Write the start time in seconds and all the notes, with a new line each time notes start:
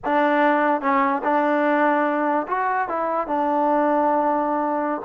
0.04 D4
0.81 C#4
1.23 D4
2.47 F#4
2.88 E4
3.27 D4